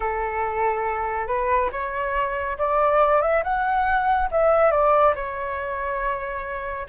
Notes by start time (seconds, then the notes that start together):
0.00 A4
1.27 B4
1.71 C#5
2.58 D5
3.21 E5
3.43 F#5
4.31 E5
4.71 D5
5.15 C#5